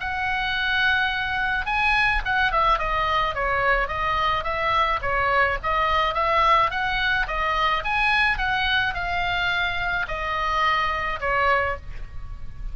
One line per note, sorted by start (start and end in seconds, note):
0.00 1.66 F#5
1.66 2.22 G#5
2.25 2.51 F#5
2.51 2.78 E5
2.78 3.34 D#5
3.34 3.88 C#5
3.88 4.43 D#5
4.43 5.00 E5
5.02 5.58 C#5
5.63 6.14 D#5
6.14 6.70 E5
6.70 7.26 F#5
7.27 7.83 D#5
7.84 8.38 G#5
8.38 8.94 F#5
8.94 10.06 F5
10.07 11.19 D#5
11.20 11.76 C#5